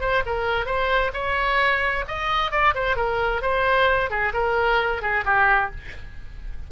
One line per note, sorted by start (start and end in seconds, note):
0.00 0.23 C5
0.25 0.66 A#4
0.66 1.11 C5
1.13 2.04 C#5
2.07 2.51 D#5
2.51 2.74 D5
2.74 2.96 C5
2.96 3.42 A#4
3.42 4.10 C5
4.10 4.32 G#4
4.33 5.01 A#4
5.01 5.24 G#4
5.25 5.70 G4